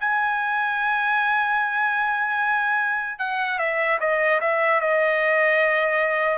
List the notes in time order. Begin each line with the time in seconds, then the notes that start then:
0.00 G#5
3.19 F#5
3.59 E5
4.01 D#5
4.41 E5
4.81 D#5